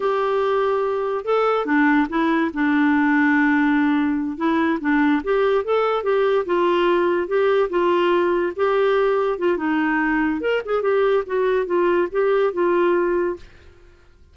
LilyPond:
\new Staff \with { instrumentName = "clarinet" } { \time 4/4 \tempo 4 = 144 g'2. a'4 | d'4 e'4 d'2~ | d'2~ d'8 e'4 d'8~ | d'8 g'4 a'4 g'4 f'8~ |
f'4. g'4 f'4.~ | f'8 g'2 f'8 dis'4~ | dis'4 ais'8 gis'8 g'4 fis'4 | f'4 g'4 f'2 | }